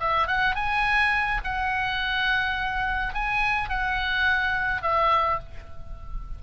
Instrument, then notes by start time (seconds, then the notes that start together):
oboe
0.00 E5
0.27 F#5
0.55 G#5
1.44 F#5
3.14 G#5
3.69 F#5
4.82 E5